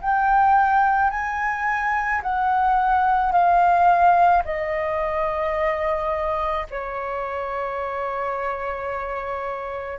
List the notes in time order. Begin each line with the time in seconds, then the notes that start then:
0.00 G5
1.10 G#5
2.22 F#5
3.31 F5
4.44 D#5
6.70 C#5